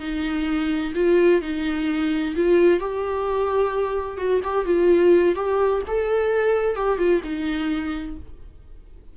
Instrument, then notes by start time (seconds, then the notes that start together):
viola
0.00 D#4
0.95 F4
1.42 D#4
2.36 F4
2.80 G4
4.18 F#4
4.44 G4
4.66 F4
5.36 G4
5.88 A4
6.76 G4
6.98 F4
7.24 D#4